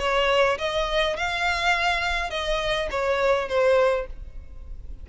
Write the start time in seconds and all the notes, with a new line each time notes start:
0.00 C#5
0.59 D#5
1.17 F5
2.30 D#5
2.91 C#5
3.49 C5